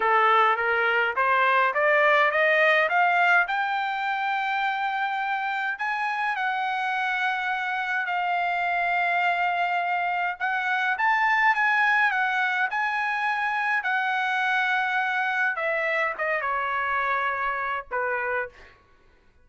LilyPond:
\new Staff \with { instrumentName = "trumpet" } { \time 4/4 \tempo 4 = 104 a'4 ais'4 c''4 d''4 | dis''4 f''4 g''2~ | g''2 gis''4 fis''4~ | fis''2 f''2~ |
f''2 fis''4 a''4 | gis''4 fis''4 gis''2 | fis''2. e''4 | dis''8 cis''2~ cis''8 b'4 | }